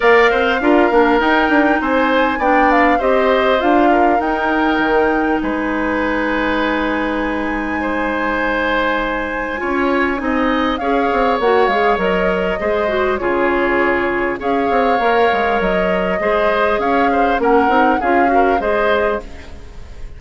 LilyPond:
<<
  \new Staff \with { instrumentName = "flute" } { \time 4/4 \tempo 4 = 100 f''2 g''4 gis''4 | g''8 f''8 dis''4 f''4 g''4~ | g''4 gis''2.~ | gis''1~ |
gis''2 f''4 fis''8 f''8 | dis''2 cis''2 | f''2 dis''2 | f''4 fis''4 f''4 dis''4 | }
  \new Staff \with { instrumentName = "oboe" } { \time 4/4 d''8 c''8 ais'2 c''4 | d''4 c''4. ais'4.~ | ais'4 b'2.~ | b'4 c''2. |
cis''4 dis''4 cis''2~ | cis''4 c''4 gis'2 | cis''2. c''4 | cis''8 c''8 ais'4 gis'8 ais'8 c''4 | }
  \new Staff \with { instrumentName = "clarinet" } { \time 4/4 ais'4 f'8 d'8 dis'2 | d'4 g'4 f'4 dis'4~ | dis'1~ | dis'1 |
f'4 dis'4 gis'4 fis'8 gis'8 | ais'4 gis'8 fis'8 f'2 | gis'4 ais'2 gis'4~ | gis'4 cis'8 dis'8 f'8 fis'8 gis'4 | }
  \new Staff \with { instrumentName = "bassoon" } { \time 4/4 ais8 c'8 d'8 ais8 dis'8 d'8 c'4 | b4 c'4 d'4 dis'4 | dis4 gis2.~ | gis1 |
cis'4 c'4 cis'8 c'8 ais8 gis8 | fis4 gis4 cis2 | cis'8 c'8 ais8 gis8 fis4 gis4 | cis'4 ais8 c'8 cis'4 gis4 | }
>>